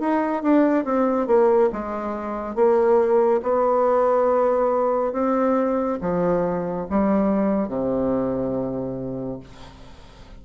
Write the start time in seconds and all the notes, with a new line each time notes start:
0.00 D#4
0.43 D4
0.85 C4
1.27 A#3
1.73 G#3
2.56 A#3
3.42 B3
5.13 C4
6.02 F3
6.90 G3
7.69 C3